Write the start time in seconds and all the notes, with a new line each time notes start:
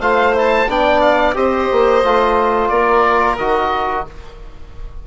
0.00 A3 F4 C5 F5
0.34 E4 A5
0.68 B3 D4 D5 G5
1.01 F5
1.34 C4 G4 C5 D#5
1.72 A#3
2.04 A3 F4
2.69 A#3 A#4 D5
3.38 D#3 F#4 D#5